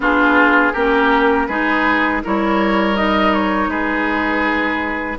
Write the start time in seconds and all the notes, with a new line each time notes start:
0.00 B3 D4 F4 G#4
0.72 A#3 C#4 G4 A#4
1.47 G#3 D#4 G#4 B4
2.23 G3 E4 A#4 C#5
2.95 D#4 D#5
3.33 C#5
3.67 G#3 G#4 B4